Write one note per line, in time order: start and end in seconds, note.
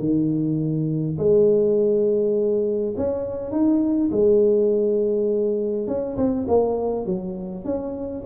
0.00 1.18 D#3
1.19 2.95 G#3
2.98 3.52 C#4
3.52 4.11 D#4
4.12 5.88 G#3
5.88 6.17 C#4
6.17 6.47 C4
6.48 7.06 A#3
7.06 7.65 F#3
7.65 8.24 C#4